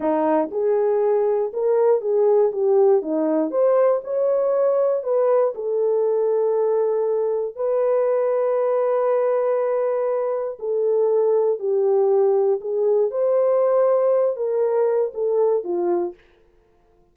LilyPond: \new Staff \with { instrumentName = "horn" } { \time 4/4 \tempo 4 = 119 dis'4 gis'2 ais'4 | gis'4 g'4 dis'4 c''4 | cis''2 b'4 a'4~ | a'2. b'4~ |
b'1~ | b'4 a'2 g'4~ | g'4 gis'4 c''2~ | c''8 ais'4. a'4 f'4 | }